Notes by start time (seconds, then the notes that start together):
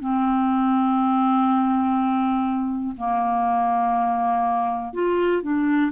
0.00 C4
2.97 A#3
4.93 F4
5.42 D4